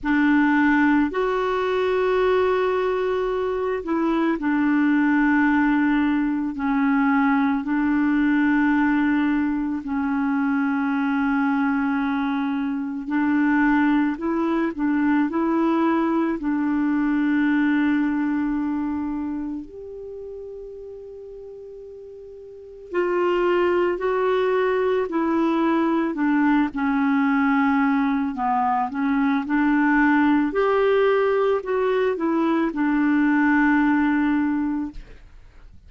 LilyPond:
\new Staff \with { instrumentName = "clarinet" } { \time 4/4 \tempo 4 = 55 d'4 fis'2~ fis'8 e'8 | d'2 cis'4 d'4~ | d'4 cis'2. | d'4 e'8 d'8 e'4 d'4~ |
d'2 g'2~ | g'4 f'4 fis'4 e'4 | d'8 cis'4. b8 cis'8 d'4 | g'4 fis'8 e'8 d'2 | }